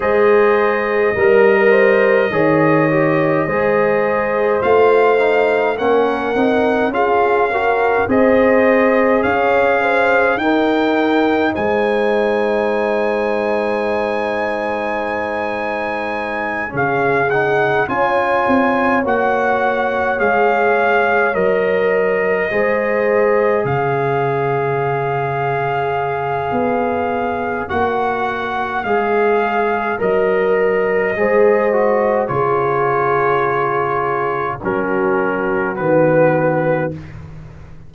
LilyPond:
<<
  \new Staff \with { instrumentName = "trumpet" } { \time 4/4 \tempo 4 = 52 dis''1 | f''4 fis''4 f''4 dis''4 | f''4 g''4 gis''2~ | gis''2~ gis''8 f''8 fis''8 gis''8~ |
gis''8 fis''4 f''4 dis''4.~ | dis''8 f''2.~ f''8 | fis''4 f''4 dis''2 | cis''2 ais'4 b'4 | }
  \new Staff \with { instrumentName = "horn" } { \time 4/4 c''4 ais'8 c''8 cis''4 c''4~ | c''4 ais'4 gis'8 ais'8 c''4 | cis''8 c''8 ais'4 c''2~ | c''2~ c''8 gis'4 cis''8~ |
cis''2.~ cis''8 c''8~ | c''8 cis''2.~ cis''8~ | cis''2. c''4 | gis'2 fis'2 | }
  \new Staff \with { instrumentName = "trombone" } { \time 4/4 gis'4 ais'4 gis'8 g'8 gis'4 | f'8 dis'8 cis'8 dis'8 f'8 fis'8 gis'4~ | gis'4 dis'2.~ | dis'2~ dis'8 cis'8 dis'8 f'8~ |
f'8 fis'4 gis'4 ais'4 gis'8~ | gis'1 | fis'4 gis'4 ais'4 gis'8 fis'8 | f'2 cis'4 b4 | }
  \new Staff \with { instrumentName = "tuba" } { \time 4/4 gis4 g4 dis4 gis4 | a4 ais8 c'8 cis'4 c'4 | cis'4 dis'4 gis2~ | gis2~ gis8 cis4 cis'8 |
c'8 ais4 gis4 fis4 gis8~ | gis8 cis2~ cis8 b4 | ais4 gis4 fis4 gis4 | cis2 fis4 dis4 | }
>>